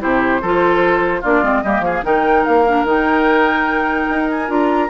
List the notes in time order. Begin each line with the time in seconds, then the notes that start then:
0.00 C3 E4 G4 C5
0.42 F3 F4 A4
1.21 A#3 D4 F4 D5
1.42 G#3 C4
1.63 G3 A#3 G4 D#5
1.80 F3 G#4 F5
2.04 D#3 D#4 A#4 G5
2.45 A#3 F5
2.68 D4
2.84 D#3 D#4 G5
4.10 D#4
4.31 G#5
4.48 D4 F4 A#5